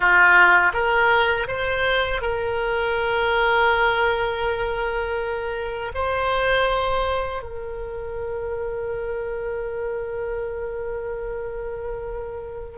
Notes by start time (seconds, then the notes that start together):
0.00 F4
0.73 A#4
1.47 C5
2.21 A#4
5.94 C5
7.42 A#4